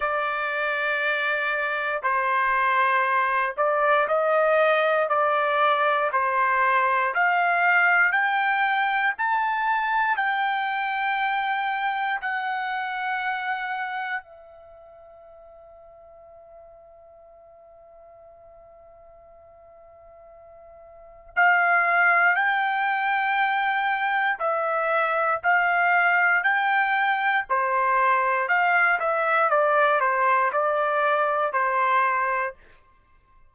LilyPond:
\new Staff \with { instrumentName = "trumpet" } { \time 4/4 \tempo 4 = 59 d''2 c''4. d''8 | dis''4 d''4 c''4 f''4 | g''4 a''4 g''2 | fis''2 e''2~ |
e''1~ | e''4 f''4 g''2 | e''4 f''4 g''4 c''4 | f''8 e''8 d''8 c''8 d''4 c''4 | }